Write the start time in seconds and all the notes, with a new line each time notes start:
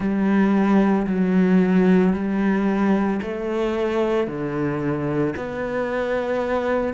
0.00 G3
1.07 F#3
2.13 G3
3.21 A3
4.27 D3
5.36 B3